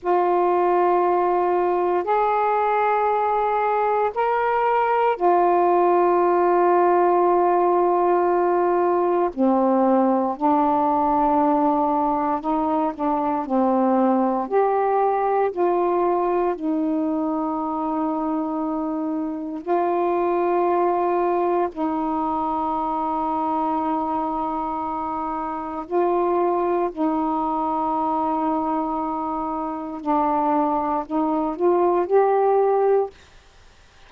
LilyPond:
\new Staff \with { instrumentName = "saxophone" } { \time 4/4 \tempo 4 = 58 f'2 gis'2 | ais'4 f'2.~ | f'4 c'4 d'2 | dis'8 d'8 c'4 g'4 f'4 |
dis'2. f'4~ | f'4 dis'2.~ | dis'4 f'4 dis'2~ | dis'4 d'4 dis'8 f'8 g'4 | }